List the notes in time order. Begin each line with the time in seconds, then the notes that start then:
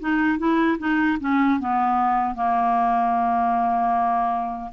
0.00 D#4
0.38 E4
0.79 D#4
1.20 C#4
1.60 B3
2.35 A#3